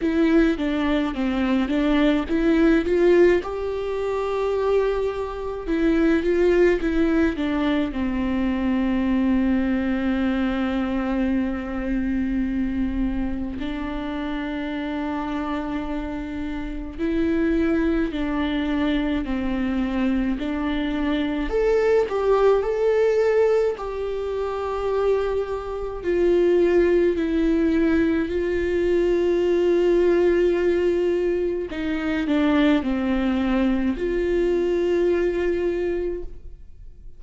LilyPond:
\new Staff \with { instrumentName = "viola" } { \time 4/4 \tempo 4 = 53 e'8 d'8 c'8 d'8 e'8 f'8 g'4~ | g'4 e'8 f'8 e'8 d'8 c'4~ | c'1 | d'2. e'4 |
d'4 c'4 d'4 a'8 g'8 | a'4 g'2 f'4 | e'4 f'2. | dis'8 d'8 c'4 f'2 | }